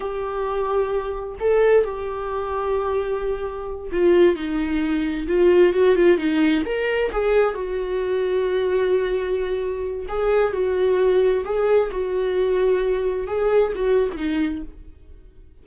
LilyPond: \new Staff \with { instrumentName = "viola" } { \time 4/4 \tempo 4 = 131 g'2. a'4 | g'1~ | g'8 f'4 dis'2 f'8~ | f'8 fis'8 f'8 dis'4 ais'4 gis'8~ |
gis'8 fis'2.~ fis'8~ | fis'2 gis'4 fis'4~ | fis'4 gis'4 fis'2~ | fis'4 gis'4 fis'8. e'16 dis'4 | }